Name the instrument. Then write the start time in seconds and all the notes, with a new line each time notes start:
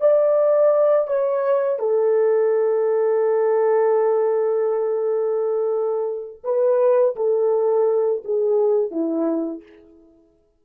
horn
0.00 D5
1.07 C#5
1.79 A4
6.44 B4
7.16 A4
8.24 G#4
8.91 E4